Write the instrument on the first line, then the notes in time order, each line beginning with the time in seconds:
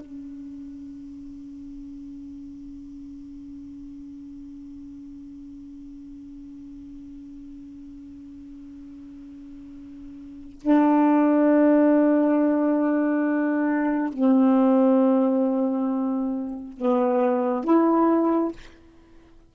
saxophone
0.00 C#4
10.61 D4
14.13 C4
16.77 B3
17.64 E4